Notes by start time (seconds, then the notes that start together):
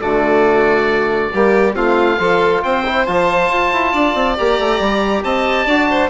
0.00 D3 A3 F#4 D5
1.33 G3 A#3 G4
1.73 A3 C4 F4 F5
2.18 F3 F4 A4
2.63 C4 C5 G5
2.86 E4
3.06 F3 F4 A5
3.49 F4
3.73 E4
3.92 D4 D5
4.14 C4
4.37 A#3 G4 A#5
4.59 A3
4.79 G3
5.23 C4 D#5 A5
5.66 D4 F#4 D5
5.90 C5